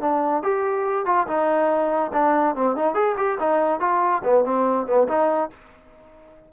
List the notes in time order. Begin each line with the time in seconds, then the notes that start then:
0.00 D4
0.42 G4
1.05 F4
1.27 D#4
2.12 D4
2.55 C4
2.75 D#4
2.94 G#4
3.17 G4
3.39 D#4
3.80 F4
4.23 B3
4.44 C4
4.86 B3
5.07 D#4